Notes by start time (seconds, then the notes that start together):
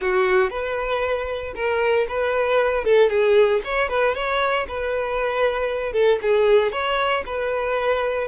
0.01 F#4
0.50 B4
1.55 A#4
2.08 B4
2.84 A4
3.09 G#4
3.64 C#5
3.88 B4
4.14 C#5
4.68 B4
5.92 A4
6.22 G#4
6.71 C#5
7.26 B4